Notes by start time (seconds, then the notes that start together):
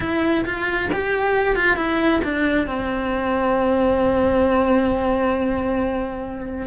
0.00 E4
0.45 F4
0.92 G4
1.55 F4
1.76 E4
2.24 D4
2.67 C4